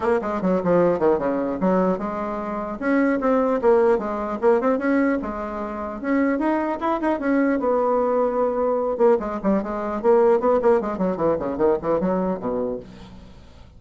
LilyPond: \new Staff \with { instrumentName = "bassoon" } { \time 4/4 \tempo 4 = 150 ais8 gis8 fis8 f4 dis8 cis4 | fis4 gis2 cis'4 | c'4 ais4 gis4 ais8 c'8 | cis'4 gis2 cis'4 |
dis'4 e'8 dis'8 cis'4 b4~ | b2~ b8 ais8 gis8 g8 | gis4 ais4 b8 ais8 gis8 fis8 | e8 cis8 dis8 e8 fis4 b,4 | }